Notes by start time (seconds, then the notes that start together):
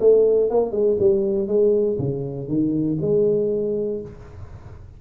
0.00 A3
0.50 A#3
0.72 G#3
1.00 G3
1.47 G#3
1.98 C#3
2.48 D#3
3.01 G#3